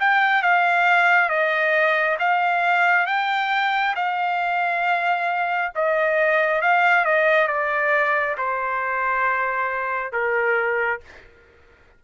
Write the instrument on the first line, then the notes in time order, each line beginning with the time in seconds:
trumpet
0.00 G5
0.43 F5
1.29 D#5
2.19 F5
3.07 G5
3.96 F5
5.75 D#5
6.62 F5
7.05 D#5
7.48 D5
8.38 C5
10.12 A#4